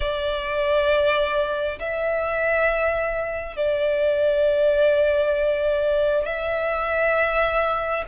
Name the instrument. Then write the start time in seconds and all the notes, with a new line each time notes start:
violin
0.00 D5
1.79 E5
3.56 D5
6.25 E5